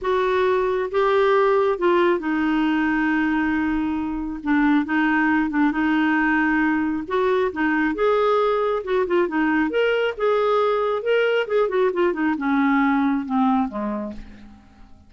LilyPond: \new Staff \with { instrumentName = "clarinet" } { \time 4/4 \tempo 4 = 136 fis'2 g'2 | f'4 dis'2.~ | dis'2 d'4 dis'4~ | dis'8 d'8 dis'2. |
fis'4 dis'4 gis'2 | fis'8 f'8 dis'4 ais'4 gis'4~ | gis'4 ais'4 gis'8 fis'8 f'8 dis'8 | cis'2 c'4 gis4 | }